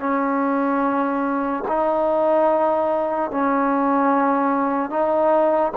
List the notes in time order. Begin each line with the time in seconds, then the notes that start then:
0.00 C#4
1.68 D#4
3.31 C#4
4.90 D#4